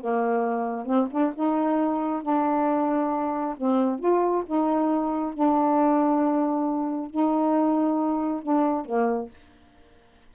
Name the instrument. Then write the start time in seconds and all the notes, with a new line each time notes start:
saxophone
0.00 A#3
0.85 C4
1.11 D4
1.34 D#4
2.22 D4
3.57 C4
3.99 F4
4.46 D#4
5.34 D4
7.10 D#4
8.42 D4
8.85 A#3